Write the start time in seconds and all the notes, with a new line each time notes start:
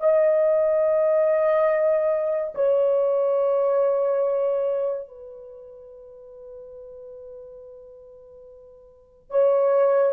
0.00 D#5
2.55 C#5
5.08 B4
9.31 C#5